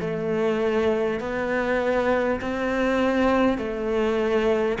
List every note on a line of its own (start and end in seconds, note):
0.00 1.19 A3
1.19 2.39 B3
2.40 3.58 C4
3.58 4.78 A3